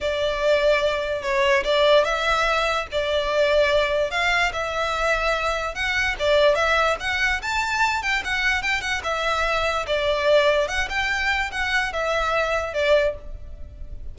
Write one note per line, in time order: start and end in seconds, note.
0.00 1.22 D5
1.22 1.63 C#5
1.64 2.04 D5
2.04 2.86 E5
2.91 4.10 D5
4.10 4.51 F5
4.52 5.74 E5
5.74 6.15 F#5
6.19 6.55 D5
6.55 6.96 E5
7.00 7.41 F#5
7.42 8.02 A5
8.02 8.22 G5
8.24 8.62 F#5
8.62 8.81 G5
8.81 9.01 F#5
9.03 9.86 E5
9.86 10.68 D5
10.68 10.88 F#5
10.89 11.50 G5
11.51 11.92 F#5
11.92 12.73 E5
12.73 13.15 D5